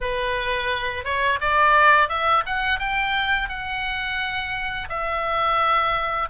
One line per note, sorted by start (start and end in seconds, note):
0.00 1.04 B4
1.04 1.39 C#5
1.40 2.08 D5
2.08 2.43 E5
2.46 2.79 F#5
2.79 3.49 G5
3.49 4.88 F#5
4.89 6.28 E5